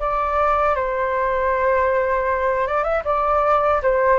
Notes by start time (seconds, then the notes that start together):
0.00 D5
0.76 C5
2.67 D5
2.84 E5
3.05 D5
3.83 C5